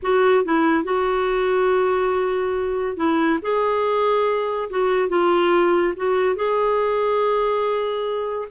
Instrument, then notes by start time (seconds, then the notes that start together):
clarinet
0.02 F#4
0.44 E4
0.84 F#4
2.96 E4
3.42 G#4
4.69 F#4
5.09 F4
5.96 F#4
6.35 G#4